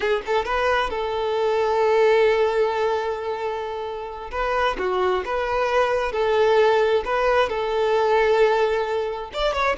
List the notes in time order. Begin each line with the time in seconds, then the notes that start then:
0.00 G#4
0.26 A4
0.45 B4
0.90 A4
4.31 B4
4.78 F#4
5.25 B4
6.12 A4
7.05 B4
7.49 A4
9.33 D5
9.53 C#5